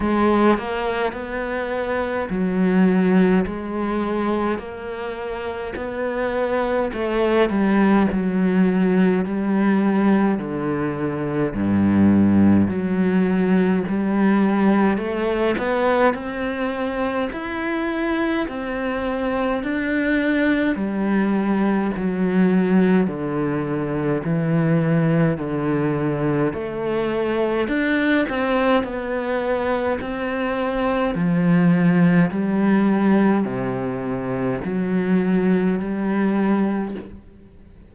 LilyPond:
\new Staff \with { instrumentName = "cello" } { \time 4/4 \tempo 4 = 52 gis8 ais8 b4 fis4 gis4 | ais4 b4 a8 g8 fis4 | g4 d4 g,4 fis4 | g4 a8 b8 c'4 e'4 |
c'4 d'4 g4 fis4 | d4 e4 d4 a4 | d'8 c'8 b4 c'4 f4 | g4 c4 fis4 g4 | }